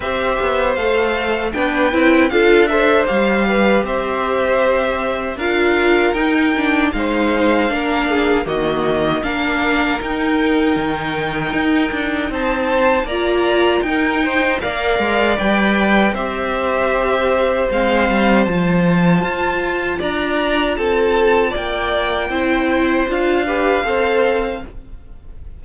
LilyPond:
<<
  \new Staff \with { instrumentName = "violin" } { \time 4/4 \tempo 4 = 78 e''4 f''4 g''4 f''8 e''8 | f''4 e''2 f''4 | g''4 f''2 dis''4 | f''4 g''2. |
a''4 ais''4 g''4 f''4 | g''4 e''2 f''4 | a''2 ais''4 a''4 | g''2 f''2 | }
  \new Staff \with { instrumentName = "violin" } { \time 4/4 c''2 b'4 a'8 c''8~ | c''8 b'8 c''2 ais'4~ | ais'4 c''4 ais'8 gis'8 fis'4 | ais'1 |
c''4 d''4 ais'8 c''8 d''4~ | d''4 c''2.~ | c''2 d''4 a'4 | d''4 c''4. b'8 c''4 | }
  \new Staff \with { instrumentName = "viola" } { \time 4/4 g'4 a'4 d'8 e'8 f'8 a'8 | g'2. f'4 | dis'8 d'8 dis'4 d'4 ais4 | d'4 dis'2.~ |
dis'4 f'4 dis'4 ais'4 | b'4 g'2 c'4 | f'1~ | f'4 e'4 f'8 g'8 a'4 | }
  \new Staff \with { instrumentName = "cello" } { \time 4/4 c'8 b8 a4 b8 c'8 d'4 | g4 c'2 d'4 | dis'4 gis4 ais4 dis4 | ais4 dis'4 dis4 dis'8 d'8 |
c'4 ais4 dis'4 ais8 gis8 | g4 c'2 gis8 g8 | f4 f'4 d'4 c'4 | ais4 c'4 d'4 c'4 | }
>>